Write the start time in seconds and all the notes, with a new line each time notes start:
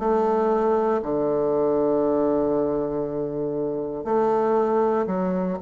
0.00 A3
1.03 D3
4.05 A3
5.07 F#3